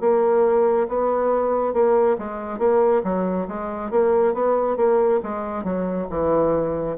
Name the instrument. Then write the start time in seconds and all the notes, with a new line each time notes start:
bassoon
0.00 A#3
0.88 B3
1.73 A#3
2.18 G#3
2.58 A#3
3.03 F#3
3.47 G#3
3.90 A#3
4.34 B3
4.76 A#3
5.23 G#3
5.63 F#3
6.10 E3